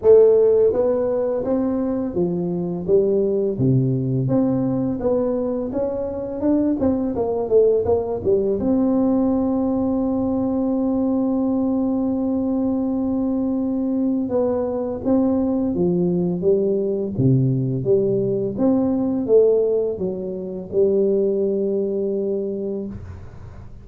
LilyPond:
\new Staff \with { instrumentName = "tuba" } { \time 4/4 \tempo 4 = 84 a4 b4 c'4 f4 | g4 c4 c'4 b4 | cis'4 d'8 c'8 ais8 a8 ais8 g8 | c'1~ |
c'1 | b4 c'4 f4 g4 | c4 g4 c'4 a4 | fis4 g2. | }